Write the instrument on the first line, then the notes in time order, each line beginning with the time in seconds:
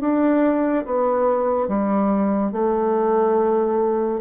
bassoon
0.00 D4
0.85 B3
1.68 G3
2.52 A3